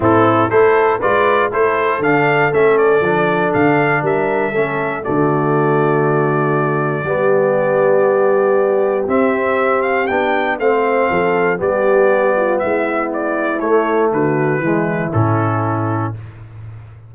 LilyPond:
<<
  \new Staff \with { instrumentName = "trumpet" } { \time 4/4 \tempo 4 = 119 a'4 c''4 d''4 c''4 | f''4 e''8 d''4. f''4 | e''2 d''2~ | d''1~ |
d''2 e''4. f''8 | g''4 f''2 d''4~ | d''4 e''4 d''4 cis''4 | b'2 a'2 | }
  \new Staff \with { instrumentName = "horn" } { \time 4/4 e'4 a'4 b'4 a'4~ | a'1 | ais'4 a'4 fis'2~ | fis'2 g'2~ |
g'1~ | g'4 c''4 a'4 g'4~ | g'8 f'8 e'2. | fis'4 e'2. | }
  \new Staff \with { instrumentName = "trombone" } { \time 4/4 c'4 e'4 f'4 e'4 | d'4 cis'4 d'2~ | d'4 cis'4 a2~ | a2 b2~ |
b2 c'2 | d'4 c'2 b4~ | b2. a4~ | a4 gis4 cis'2 | }
  \new Staff \with { instrumentName = "tuba" } { \time 4/4 a,4 a4 gis4 a4 | d4 a4 f4 d4 | g4 a4 d2~ | d2 g2~ |
g2 c'2 | b4 a4 f4 g4~ | g4 gis2 a4 | d4 e4 a,2 | }
>>